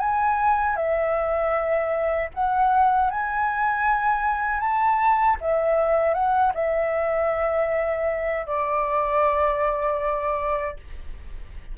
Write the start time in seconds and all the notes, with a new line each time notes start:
0.00 G#5
0.76 E5
2.35 F#5
3.11 G#5
4.60 A5
5.41 E5
6.14 F#5
6.55 E5
8.47 D5